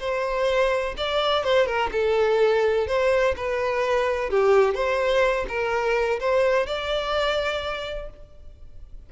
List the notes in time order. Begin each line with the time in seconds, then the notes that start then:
0.00 C5
0.97 D5
1.44 C5
1.67 A#4
1.92 A4
2.88 C5
3.37 B4
4.31 G4
4.75 C5
5.49 A#4
6.20 C5
6.67 D5